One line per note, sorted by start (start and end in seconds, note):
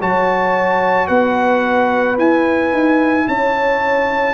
0.00 1.09 F#3
0.00 2.17 F#4
0.00 1.07 C#5
0.00 1.07 A5
1.07 2.18 B3
1.07 3.26 B4
1.07 2.16 F#5
2.17 4.33 E4
2.17 2.72 E4
2.17 3.28 G#5
2.72 3.27 D#4
3.28 4.33 C#4
3.28 4.33 C#5
3.28 4.33 A5